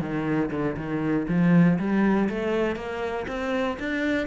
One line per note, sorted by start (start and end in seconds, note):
0.00 0.50 D#3
0.51 0.76 D3
0.76 1.26 D#3
1.28 1.78 F3
1.78 2.28 G3
2.29 2.76 A3
2.76 3.26 A#3
3.27 3.77 C4
3.79 4.27 D4